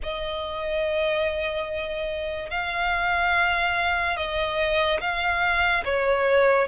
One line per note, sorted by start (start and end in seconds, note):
0.02 2.50 D#5
2.50 4.16 F5
4.16 5.00 D#5
5.00 5.83 F5
5.84 6.67 C#5